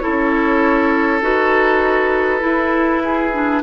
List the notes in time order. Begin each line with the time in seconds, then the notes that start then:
0.00 E4 A4 C#5
0.07 C#4
1.22 D#4 F#4 B4
2.40 E4
3.04 G#4
3.33 D4